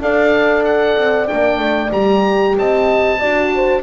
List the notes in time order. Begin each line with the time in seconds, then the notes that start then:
0.00 D4 A4 D5 F5
0.63 F#5
0.97 C4
1.26 A#3 D4 G5
1.58 A3
1.92 G3 G4 A#5
2.57 C4 D#5 A5
3.20 D4 F#4 D5
3.54 C5